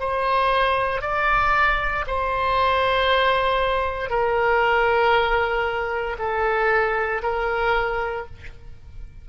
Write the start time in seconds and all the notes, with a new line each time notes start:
0.00 C5
1.02 D5
2.07 C5
4.10 A#4
6.18 A4
7.22 A#4